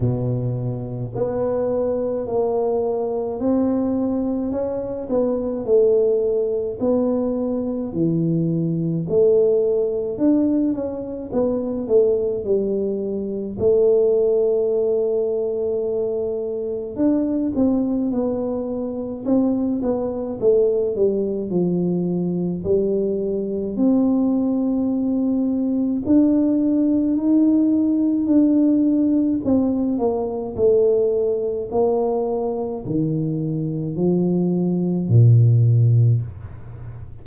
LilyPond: \new Staff \with { instrumentName = "tuba" } { \time 4/4 \tempo 4 = 53 b,4 b4 ais4 c'4 | cis'8 b8 a4 b4 e4 | a4 d'8 cis'8 b8 a8 g4 | a2. d'8 c'8 |
b4 c'8 b8 a8 g8 f4 | g4 c'2 d'4 | dis'4 d'4 c'8 ais8 a4 | ais4 dis4 f4 ais,4 | }